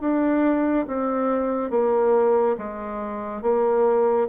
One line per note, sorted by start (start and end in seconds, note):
0.00 0.86 D4
0.87 1.70 C4
1.70 2.56 A#3
2.57 3.41 G#3
3.41 4.27 A#3